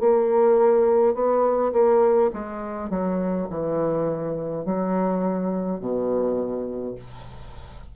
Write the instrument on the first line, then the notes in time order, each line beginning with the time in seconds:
bassoon
0.00 A#3
1.14 B3
1.73 A#3
2.33 G#3
2.90 F#3
3.50 E3
4.65 F#3
5.80 B2